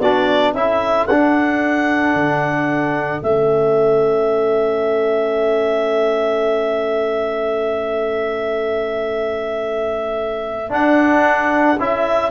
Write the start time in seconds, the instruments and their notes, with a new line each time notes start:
0.00 tuba B3, trombone D4, saxophone F#4, clarinet D5
0.53 tuba C#4, trombone E4, saxophone A4, clarinet E5
1.07 tuba D4, trombone D4, clarinet F#5
2.15 tuba D3
3.23 tuba A3, trombone C#4, clarinet E5
10.70 trombone D4, tuba D4, clarinet F#5
11.80 tuba C#4, trombone E4, clarinet E5